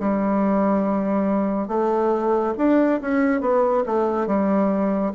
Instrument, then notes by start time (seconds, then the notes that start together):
bassoon
0.00 G3
1.68 A3
2.58 D4
3.01 C#4
3.41 B3
3.86 A3
4.27 G3